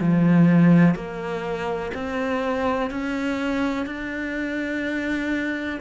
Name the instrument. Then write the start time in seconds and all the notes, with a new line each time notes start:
cello
0.00 F3
0.95 A#3
1.94 C4
2.90 C#4
3.86 D4